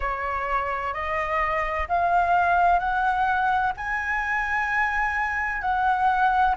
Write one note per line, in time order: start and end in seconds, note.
0.00 0.93 C#5
0.93 1.87 D#5
1.88 2.79 F5
2.79 3.72 F#5
3.77 5.61 G#5
5.61 6.55 F#5